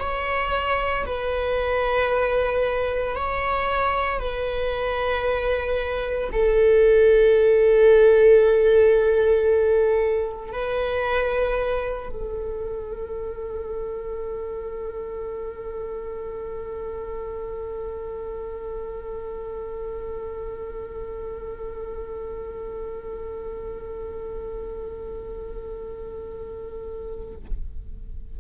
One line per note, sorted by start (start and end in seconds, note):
0.00 1.05 C#5
1.06 3.16 B4
3.16 4.20 C#5
4.20 6.31 B4
6.33 10.53 A4
10.53 12.10 B4
12.10 27.36 A4